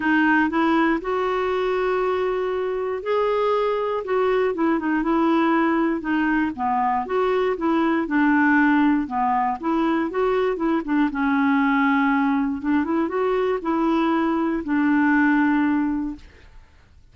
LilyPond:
\new Staff \with { instrumentName = "clarinet" } { \time 4/4 \tempo 4 = 119 dis'4 e'4 fis'2~ | fis'2 gis'2 | fis'4 e'8 dis'8 e'2 | dis'4 b4 fis'4 e'4 |
d'2 b4 e'4 | fis'4 e'8 d'8 cis'2~ | cis'4 d'8 e'8 fis'4 e'4~ | e'4 d'2. | }